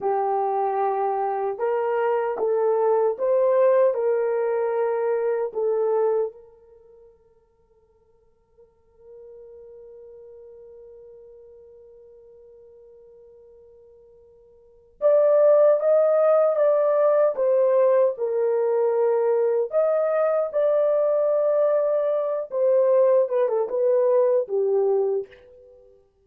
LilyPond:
\new Staff \with { instrumentName = "horn" } { \time 4/4 \tempo 4 = 76 g'2 ais'4 a'4 | c''4 ais'2 a'4 | ais'1~ | ais'1~ |
ais'2. d''4 | dis''4 d''4 c''4 ais'4~ | ais'4 dis''4 d''2~ | d''8 c''4 b'16 a'16 b'4 g'4 | }